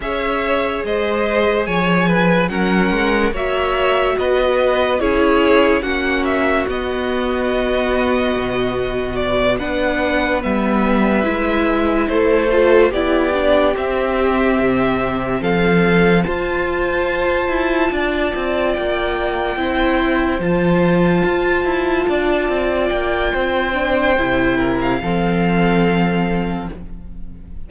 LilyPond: <<
  \new Staff \with { instrumentName = "violin" } { \time 4/4 \tempo 4 = 72 e''4 dis''4 gis''4 fis''4 | e''4 dis''4 cis''4 fis''8 e''8 | dis''2. d''8 fis''8~ | fis''8 e''2 c''4 d''8~ |
d''8 e''2 f''4 a''8~ | a''2~ a''8 g''4.~ | g''8 a''2. g''8~ | g''4.~ g''16 f''2~ f''16 | }
  \new Staff \with { instrumentName = "violin" } { \time 4/4 cis''4 c''4 cis''8 b'8 ais'4 | cis''4 b'4 gis'4 fis'4~ | fis'2.~ fis'8 b'8~ | b'2~ b'8 a'4 g'8~ |
g'2~ g'8 a'4 c''8~ | c''4. d''2 c''8~ | c''2~ c''8 d''4. | c''4. ais'8 a'2 | }
  \new Staff \with { instrumentName = "viola" } { \time 4/4 gis'2. cis'4 | fis'2 e'4 cis'4 | b2.~ b8 d'8~ | d'8 b4 e'4. f'8 e'8 |
d'8 c'2. f'8~ | f'2.~ f'8 e'8~ | e'8 f'2.~ f'8~ | f'8 d'8 e'4 c'2 | }
  \new Staff \with { instrumentName = "cello" } { \time 4/4 cis'4 gis4 f4 fis8 gis8 | ais4 b4 cis'4 ais4 | b2 b,4. b8~ | b8 g4 gis4 a4 b8~ |
b8 c'4 c4 f4 f'8~ | f'4 e'8 d'8 c'8 ais4 c'8~ | c'8 f4 f'8 e'8 d'8 c'8 ais8 | c'4 c4 f2 | }
>>